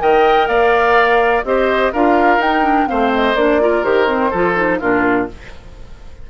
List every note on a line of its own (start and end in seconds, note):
0.00 0.48 D#3
0.00 1.44 A#4
0.00 0.49 D#5
0.00 0.48 G5
0.48 1.44 A#3
0.48 1.45 D5
0.48 1.44 F5
1.44 1.92 C4
1.44 1.94 G4
1.44 1.93 C5
1.44 1.93 D#5
1.93 2.39 D4
1.93 2.41 F4
1.93 2.89 A#4
1.93 2.42 F5
2.39 2.87 D#4
2.39 2.63 D#4
2.39 2.88 G5
2.63 2.87 D4
2.88 3.35 A3
2.88 3.35 C4
2.88 3.62 C5
2.88 3.12 F5
3.15 3.36 D#5
3.35 3.83 A#3
3.35 3.61 D4
3.35 3.84 D5
3.61 3.84 F4
3.61 4.31 A#4
3.84 4.32 D#3
3.84 4.08 G4
3.84 4.80 C5
4.08 4.32 C4
4.31 4.82 F3
4.31 4.56 F4
4.31 4.79 A4
4.56 4.80 D#4
4.80 5.30 A#2
4.80 5.29 D4
4.80 5.28 F4
4.80 5.28 A#4